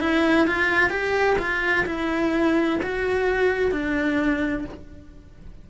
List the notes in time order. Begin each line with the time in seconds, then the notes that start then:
0.00 E4
0.47 F4
0.90 G4
1.39 F4
1.86 E4
2.83 F#4
3.72 D4